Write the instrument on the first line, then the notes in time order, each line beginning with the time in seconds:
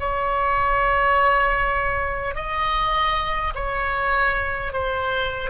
oboe
0.00 C#5
2.36 D#5
3.55 C#5
4.73 C5